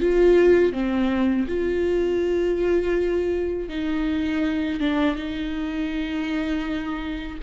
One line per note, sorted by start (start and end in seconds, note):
0.00 0.72 F4
0.72 1.46 C4
1.47 3.69 F4
3.69 4.80 D#4
4.80 5.16 D4
5.16 7.38 D#4